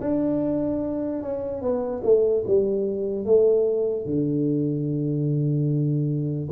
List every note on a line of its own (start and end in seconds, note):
0.00 1.22 D4
1.22 1.61 C#4
1.61 2.02 B3
2.03 2.44 A3
2.47 3.25 G3
3.25 4.05 A3
4.05 6.48 D3